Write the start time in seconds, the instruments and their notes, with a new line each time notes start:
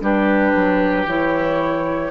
0.00 bassoon G3, clarinet D4, oboe G4, flute B4
0.54 bassoon F#3
1.05 bassoon E3, clarinet E4, flute C#5